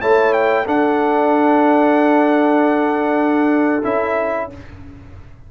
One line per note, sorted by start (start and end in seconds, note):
0.00 0.65 A3
0.00 0.65 E4
0.00 0.65 C#5
0.00 0.33 A5
0.33 0.66 G5
0.65 3.82 D4
0.65 4.48 A4
0.65 3.83 F#5
3.83 4.51 C#4
3.83 4.49 E4
3.83 4.50 E5